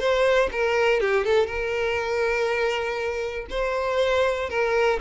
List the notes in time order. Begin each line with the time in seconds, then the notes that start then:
0.00 C5
0.52 A#4
1.01 G4
1.25 A4
1.47 A#4
3.50 C5
4.50 A#4